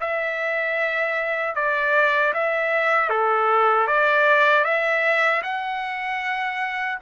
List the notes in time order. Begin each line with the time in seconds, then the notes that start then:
0.00 E5
1.55 D5
2.33 E5
3.10 A4
3.87 D5
4.64 E5
5.43 F#5